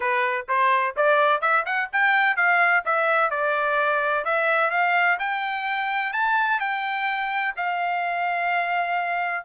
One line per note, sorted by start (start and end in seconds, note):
0.00 0.46 B4
0.48 0.95 C5
0.96 1.41 D5
1.41 1.64 E5
1.65 1.89 F#5
1.92 2.36 G5
2.36 2.83 F5
2.85 3.30 E5
3.30 4.24 D5
4.24 4.70 E5
4.70 5.17 F5
5.19 6.13 G5
6.13 6.60 A5
6.60 7.54 G5
7.56 9.44 F5